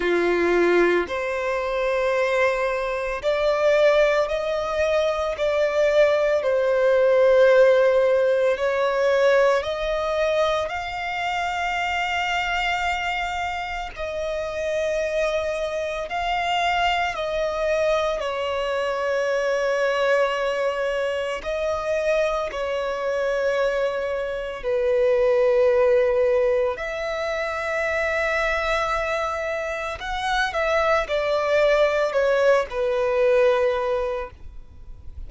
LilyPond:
\new Staff \with { instrumentName = "violin" } { \time 4/4 \tempo 4 = 56 f'4 c''2 d''4 | dis''4 d''4 c''2 | cis''4 dis''4 f''2~ | f''4 dis''2 f''4 |
dis''4 cis''2. | dis''4 cis''2 b'4~ | b'4 e''2. | fis''8 e''8 d''4 cis''8 b'4. | }